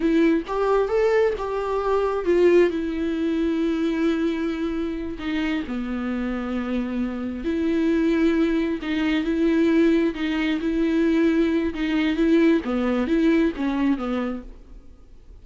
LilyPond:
\new Staff \with { instrumentName = "viola" } { \time 4/4 \tempo 4 = 133 e'4 g'4 a'4 g'4~ | g'4 f'4 e'2~ | e'2.~ e'8 dis'8~ | dis'8 b2.~ b8~ |
b8 e'2. dis'8~ | dis'8 e'2 dis'4 e'8~ | e'2 dis'4 e'4 | b4 e'4 cis'4 b4 | }